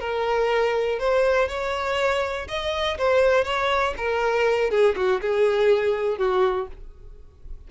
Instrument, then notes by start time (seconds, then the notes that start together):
violin
0.00 A#4
0.99 C5
1.48 C#5
2.48 D#5
2.98 C5
3.44 C#5
3.97 A#4
4.70 G#4
4.96 F#4
5.21 G#4
6.18 F#4